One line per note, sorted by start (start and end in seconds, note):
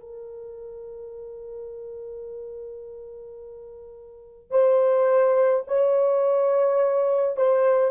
0.00 4.51 A#4
4.51 5.64 C5
5.68 7.36 C#5
7.36 7.91 C5